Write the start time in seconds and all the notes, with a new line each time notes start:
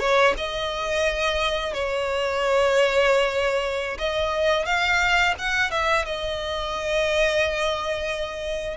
0.00 C#5
0.38 D#5
1.74 C#5
3.99 D#5
4.66 F5
5.39 F#5
5.71 E5
6.06 D#5